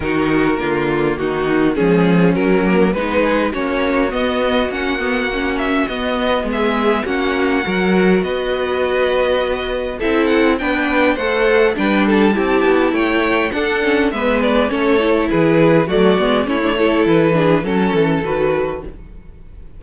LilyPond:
<<
  \new Staff \with { instrumentName = "violin" } { \time 4/4 \tempo 4 = 102 ais'2 fis'4 gis'4 | ais'4 b'4 cis''4 dis''4 | fis''4. e''8 dis''4 e''4 | fis''2 dis''2~ |
dis''4 e''8 fis''8 g''4 fis''4 | g''8 a''4. g''4 fis''4 | e''8 d''8 cis''4 b'4 d''4 | cis''4 b'4 a'4 b'4 | }
  \new Staff \with { instrumentName = "violin" } { \time 4/4 fis'4 f'4 dis'4 cis'4~ | cis'4 b8 gis'8 fis'2~ | fis'2. gis'4 | fis'4 ais'4 b'2~ |
b'4 a'4 b'4 c''4 | b'8 a'8 g'4 cis''4 a'4 | b'4 a'4 gis'4 fis'4 | e'8 a'4 gis'8 a'2 | }
  \new Staff \with { instrumentName = "viola" } { \time 4/4 dis'4 ais2 gis4 | fis8 ais8 dis'4 cis'4 b4 | cis'8 b8 cis'4 b2 | cis'4 fis'2.~ |
fis'4 e'4 d'4 a'4 | d'4 e'2 d'8 cis'8 | b4 cis'8 e'4. a8 b8 | cis'16 d'16 e'4 d'8 cis'4 fis'4 | }
  \new Staff \with { instrumentName = "cello" } { \time 4/4 dis4 d4 dis4 f4 | fis4 gis4 ais4 b4 | ais2 b4 gis4 | ais4 fis4 b2~ |
b4 c'4 b4 a4 | g4 c'8 b8 a4 d'4 | gis4 a4 e4 fis8 gis8 | a4 e4 fis8 e8 dis4 | }
>>